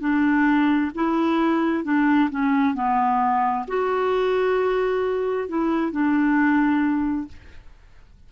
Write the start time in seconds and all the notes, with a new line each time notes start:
0.00 D4
0.95 E4
1.84 D4
2.30 C#4
2.74 B3
3.67 F#4
5.48 E4
5.91 D4